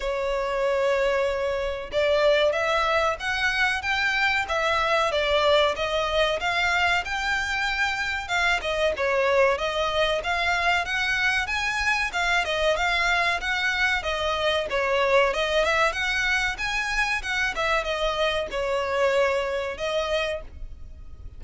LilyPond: \new Staff \with { instrumentName = "violin" } { \time 4/4 \tempo 4 = 94 cis''2. d''4 | e''4 fis''4 g''4 e''4 | d''4 dis''4 f''4 g''4~ | g''4 f''8 dis''8 cis''4 dis''4 |
f''4 fis''4 gis''4 f''8 dis''8 | f''4 fis''4 dis''4 cis''4 | dis''8 e''8 fis''4 gis''4 fis''8 e''8 | dis''4 cis''2 dis''4 | }